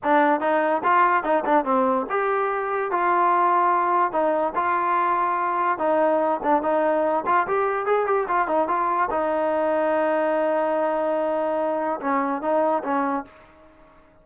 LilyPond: \new Staff \with { instrumentName = "trombone" } { \time 4/4 \tempo 4 = 145 d'4 dis'4 f'4 dis'8 d'8 | c'4 g'2 f'4~ | f'2 dis'4 f'4~ | f'2 dis'4. d'8 |
dis'4. f'8 g'4 gis'8 g'8 | f'8 dis'8 f'4 dis'2~ | dis'1~ | dis'4 cis'4 dis'4 cis'4 | }